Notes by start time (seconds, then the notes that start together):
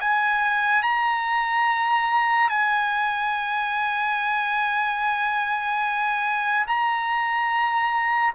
0.00 G#5
0.83 A#5
2.49 G#5
6.67 A#5